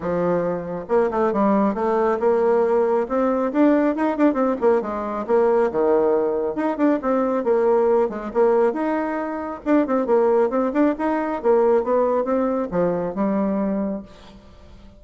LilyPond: \new Staff \with { instrumentName = "bassoon" } { \time 4/4 \tempo 4 = 137 f2 ais8 a8 g4 | a4 ais2 c'4 | d'4 dis'8 d'8 c'8 ais8 gis4 | ais4 dis2 dis'8 d'8 |
c'4 ais4. gis8 ais4 | dis'2 d'8 c'8 ais4 | c'8 d'8 dis'4 ais4 b4 | c'4 f4 g2 | }